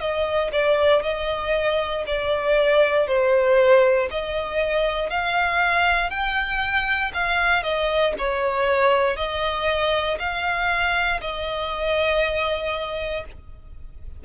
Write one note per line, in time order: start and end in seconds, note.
0.00 0.51 D#5
0.52 1.02 D5
1.02 2.04 D#5
2.07 3.07 D5
3.07 4.09 C5
4.10 5.09 D#5
5.09 6.10 F5
6.10 7.11 G5
7.14 7.63 F5
7.63 8.14 D#5
8.18 9.16 C#5
9.16 10.18 D#5
10.19 11.20 F5
11.20 13.24 D#5